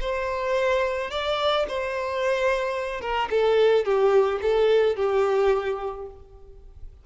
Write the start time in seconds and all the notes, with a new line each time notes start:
0.00 C5
1.10 D5
1.68 C5
3.01 A#4
3.30 A4
3.85 G4
4.41 A4
4.96 G4